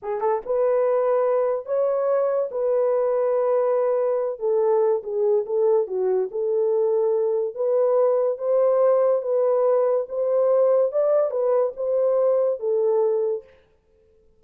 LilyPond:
\new Staff \with { instrumentName = "horn" } { \time 4/4 \tempo 4 = 143 gis'8 a'8 b'2. | cis''2 b'2~ | b'2~ b'8 a'4. | gis'4 a'4 fis'4 a'4~ |
a'2 b'2 | c''2 b'2 | c''2 d''4 b'4 | c''2 a'2 | }